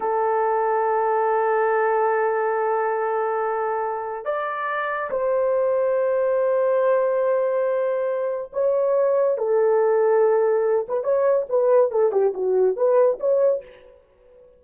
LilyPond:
\new Staff \with { instrumentName = "horn" } { \time 4/4 \tempo 4 = 141 a'1~ | a'1~ | a'2 d''2 | c''1~ |
c''1 | cis''2 a'2~ | a'4. b'8 cis''4 b'4 | a'8 g'8 fis'4 b'4 cis''4 | }